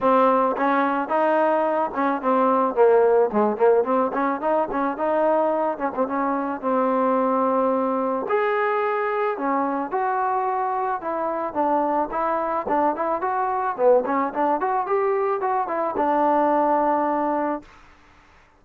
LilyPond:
\new Staff \with { instrumentName = "trombone" } { \time 4/4 \tempo 4 = 109 c'4 cis'4 dis'4. cis'8 | c'4 ais4 gis8 ais8 c'8 cis'8 | dis'8 cis'8 dis'4. cis'16 c'16 cis'4 | c'2. gis'4~ |
gis'4 cis'4 fis'2 | e'4 d'4 e'4 d'8 e'8 | fis'4 b8 cis'8 d'8 fis'8 g'4 | fis'8 e'8 d'2. | }